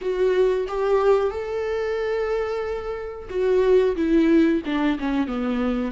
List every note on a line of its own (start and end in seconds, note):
0.01 0.67 F#4
0.67 1.30 G4
1.30 3.28 A4
3.29 3.95 F#4
3.96 4.62 E4
4.65 4.98 D4
4.99 5.27 C#4
5.27 5.91 B3